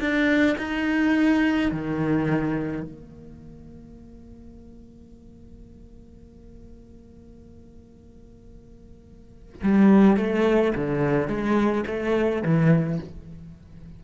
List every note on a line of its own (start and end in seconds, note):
0.00 0.57 D4
0.58 1.71 D#4
1.72 2.83 D#3
2.83 9.62 A#3
9.64 10.17 G3
10.17 10.74 A3
10.76 11.28 D3
11.28 11.85 G#3
11.87 12.43 A3
12.43 13.00 E3